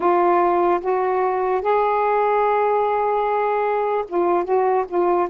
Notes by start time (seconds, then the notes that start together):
0.00 F4
0.80 F#4
1.61 G#4
4.08 F4
4.44 F#4
4.88 F4